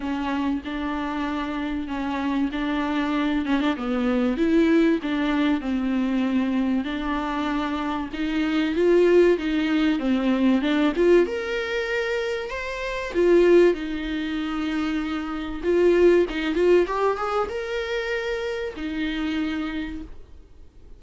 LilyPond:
\new Staff \with { instrumentName = "viola" } { \time 4/4 \tempo 4 = 96 cis'4 d'2 cis'4 | d'4. cis'16 d'16 b4 e'4 | d'4 c'2 d'4~ | d'4 dis'4 f'4 dis'4 |
c'4 d'8 f'8 ais'2 | c''4 f'4 dis'2~ | dis'4 f'4 dis'8 f'8 g'8 gis'8 | ais'2 dis'2 | }